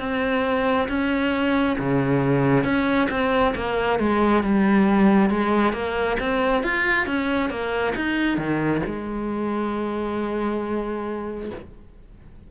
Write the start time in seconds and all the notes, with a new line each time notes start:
0.00 C4
0.89 C#4
1.79 C#3
2.64 C#4
3.10 C4
3.56 A#3
3.99 G#3
4.44 G3
5.30 G#3
5.73 A#3
6.20 C4
6.63 F4
7.07 C#4
7.50 A#3
7.96 D#4
8.38 D#3
8.86 G#3